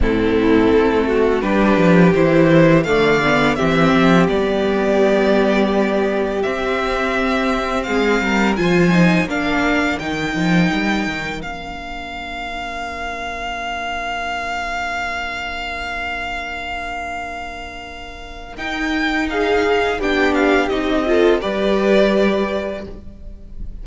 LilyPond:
<<
  \new Staff \with { instrumentName = "violin" } { \time 4/4 \tempo 4 = 84 a'2 b'4 c''4 | f''4 e''4 d''2~ | d''4 e''2 f''4 | gis''4 f''4 g''2 |
f''1~ | f''1~ | f''2 g''4 f''4 | g''8 f''8 dis''4 d''2 | }
  \new Staff \with { instrumentName = "violin" } { \time 4/4 e'4. fis'8 g'2 | d''4 g'2.~ | g'2. gis'8 ais'8 | c''4 ais'2.~ |
ais'1~ | ais'1~ | ais'2. gis'4 | g'4. a'8 b'2 | }
  \new Staff \with { instrumentName = "viola" } { \time 4/4 c'2 d'4 e'4 | a8 b8 c'4 b2~ | b4 c'2. | f'8 dis'8 d'4 dis'2 |
d'1~ | d'1~ | d'2 dis'2 | d'4 dis'8 f'8 g'2 | }
  \new Staff \with { instrumentName = "cello" } { \time 4/4 a,4 a4 g8 f8 e4 | d4 e8 f8 g2~ | g4 c'2 gis8 g8 | f4 ais4 dis8 f8 g8 dis8 |
ais1~ | ais1~ | ais2 dis'2 | b4 c'4 g2 | }
>>